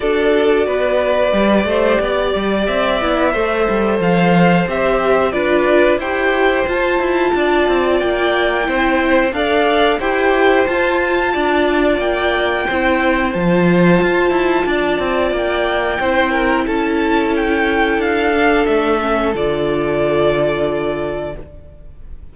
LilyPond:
<<
  \new Staff \with { instrumentName = "violin" } { \time 4/4 \tempo 4 = 90 d''1 | e''2 f''4 e''4 | d''4 g''4 a''2 | g''2 f''4 g''4 |
a''2 g''2 | a''2. g''4~ | g''4 a''4 g''4 f''4 | e''4 d''2. | }
  \new Staff \with { instrumentName = "violin" } { \time 4/4 a'4 b'4. c''8 d''4~ | d''4 c''2. | b'4 c''2 d''4~ | d''4 c''4 d''4 c''4~ |
c''4 d''2 c''4~ | c''2 d''2 | c''8 ais'8 a'2.~ | a'1 | }
  \new Staff \with { instrumentName = "viola" } { \time 4/4 fis'2 g'2~ | g'8 e'8 a'2 g'4 | f'4 g'4 f'2~ | f'4 e'4 a'4 g'4 |
f'2. e'4 | f'1 | e'2.~ e'8 d'8~ | d'8 cis'8 f'2. | }
  \new Staff \with { instrumentName = "cello" } { \time 4/4 d'4 b4 g8 a8 b8 g8 | c'8 b8 a8 g8 f4 c'4 | d'4 e'4 f'8 e'8 d'8 c'8 | ais4 c'4 d'4 e'4 |
f'4 d'4 ais4 c'4 | f4 f'8 e'8 d'8 c'8 ais4 | c'4 cis'2 d'4 | a4 d2. | }
>>